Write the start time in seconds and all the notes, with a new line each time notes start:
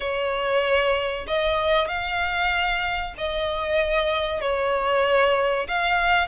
0.00 C#5
1.27 D#5
1.88 F5
3.17 D#5
4.40 C#5
5.67 F5